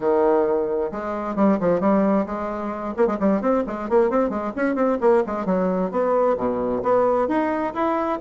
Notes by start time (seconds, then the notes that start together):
0.00 D#3
0.91 G#3
1.35 G3
1.60 F3
1.80 G3
2.26 G#3
2.96 A#3
3.06 G#3
3.19 G3
3.41 C4
3.66 G#3
3.89 A#3
4.10 C4
4.29 G#3
4.56 C#4
4.75 C4
5.00 A#3
5.26 G#3
5.45 F#3
5.91 B3
6.37 B2
6.82 B3
7.27 D#4
7.74 E4